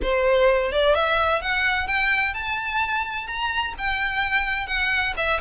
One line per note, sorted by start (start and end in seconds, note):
0.02 0.72 C5
0.72 0.94 D5
0.94 1.41 E5
1.41 1.87 F#5
1.87 2.34 G5
2.34 3.27 A5
3.27 3.74 A#5
3.78 4.66 G5
4.66 5.13 F#5
5.16 5.40 E5